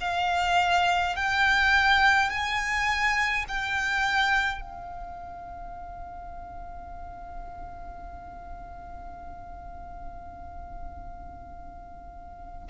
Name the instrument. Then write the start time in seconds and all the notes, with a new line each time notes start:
violin
0.00 F5
1.16 G5
2.30 G#5
3.48 G5
4.60 F5